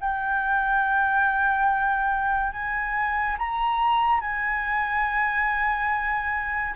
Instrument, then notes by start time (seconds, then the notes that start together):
flute
0.00 G5
2.52 G#5
3.38 A#5
4.20 G#5